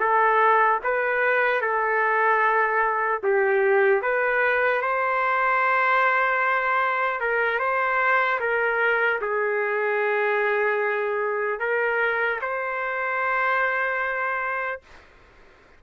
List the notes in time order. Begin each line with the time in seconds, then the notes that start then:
0.00 A4
0.84 B4
1.61 A4
3.23 G4
4.03 B4
4.82 C5
7.21 A#4
7.60 C5
8.40 A#4
9.22 G#4
11.60 A#4
12.41 C5